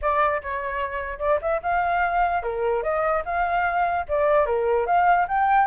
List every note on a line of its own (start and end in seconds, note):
0.01 0.42 D5
0.42 1.19 C#5
1.19 1.39 D5
1.41 1.61 E5
1.62 2.42 F5
2.42 2.82 A#4
2.82 3.23 D#5
3.25 4.06 F5
4.08 4.46 D5
4.46 4.86 A#4
4.86 5.27 F5
5.28 5.67 G5